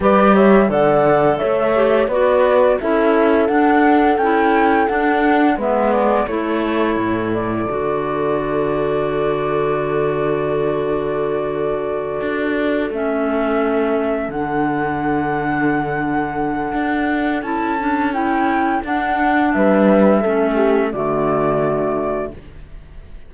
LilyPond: <<
  \new Staff \with { instrumentName = "flute" } { \time 4/4 \tempo 4 = 86 d''8 e''8 fis''4 e''4 d''4 | e''4 fis''4 g''4 fis''4 | e''8 d''8 cis''4. d''4.~ | d''1~ |
d''2~ d''8 e''4.~ | e''8 fis''2.~ fis''8~ | fis''4 a''4 g''4 fis''4 | e''2 d''2 | }
  \new Staff \with { instrumentName = "horn" } { \time 4/4 b'8 cis''8 d''4 cis''4 b'4 | a'1 | b'4 a'2.~ | a'1~ |
a'1~ | a'1~ | a'1 | b'4 a'8 g'8 fis'2 | }
  \new Staff \with { instrumentName = "clarinet" } { \time 4/4 g'4 a'4. g'8 fis'4 | e'4 d'4 e'4 d'4 | b4 e'2 fis'4~ | fis'1~ |
fis'2~ fis'8 cis'4.~ | cis'8 d'2.~ d'8~ | d'4 e'8 d'8 e'4 d'4~ | d'4 cis'4 a2 | }
  \new Staff \with { instrumentName = "cello" } { \time 4/4 g4 d4 a4 b4 | cis'4 d'4 cis'4 d'4 | gis4 a4 a,4 d4~ | d1~ |
d4. d'4 a4.~ | a8 d2.~ d8 | d'4 cis'2 d'4 | g4 a4 d2 | }
>>